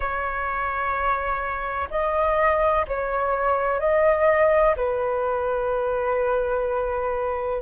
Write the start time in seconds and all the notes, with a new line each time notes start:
0.00 C#5
1.90 D#5
2.87 C#5
3.79 D#5
4.76 B4